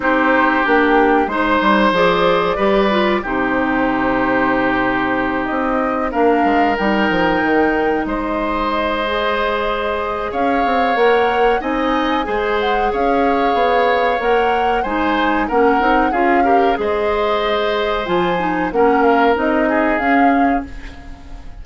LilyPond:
<<
  \new Staff \with { instrumentName = "flute" } { \time 4/4 \tempo 4 = 93 c''4 g'4 c''4 d''4~ | d''4 c''2.~ | c''8 dis''4 f''4 g''4.~ | g''8 dis''2.~ dis''8 |
f''4 fis''4 gis''4. fis''8 | f''2 fis''4 gis''4 | fis''4 f''4 dis''2 | gis''4 fis''8 f''8 dis''4 f''4 | }
  \new Staff \with { instrumentName = "oboe" } { \time 4/4 g'2 c''2 | b'4 g'2.~ | g'4. ais'2~ ais'8~ | ais'8 c''2.~ c''8 |
cis''2 dis''4 c''4 | cis''2. c''4 | ais'4 gis'8 ais'8 c''2~ | c''4 ais'4. gis'4. | }
  \new Staff \with { instrumentName = "clarinet" } { \time 4/4 dis'4 d'4 dis'4 gis'4 | g'8 f'8 dis'2.~ | dis'4. d'4 dis'4.~ | dis'2 gis'2~ |
gis'4 ais'4 dis'4 gis'4~ | gis'2 ais'4 dis'4 | cis'8 dis'8 f'8 g'8 gis'2 | f'8 dis'8 cis'4 dis'4 cis'4 | }
  \new Staff \with { instrumentName = "bassoon" } { \time 4/4 c'4 ais4 gis8 g8 f4 | g4 c2.~ | c8 c'4 ais8 gis8 g8 f8 dis8~ | dis8 gis2.~ gis8 |
cis'8 c'8 ais4 c'4 gis4 | cis'4 b4 ais4 gis4 | ais8 c'8 cis'4 gis2 | f4 ais4 c'4 cis'4 | }
>>